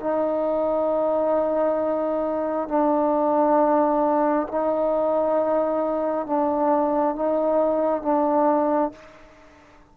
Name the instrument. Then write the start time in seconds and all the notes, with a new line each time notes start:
trombone
0.00 D#4
2.68 D4
4.48 D#4
6.26 D4
7.15 D#4
8.02 D4